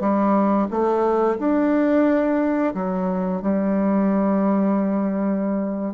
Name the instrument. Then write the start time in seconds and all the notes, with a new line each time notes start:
bassoon
0.00 G3
0.70 A3
1.39 D4
2.75 F#3
3.42 G3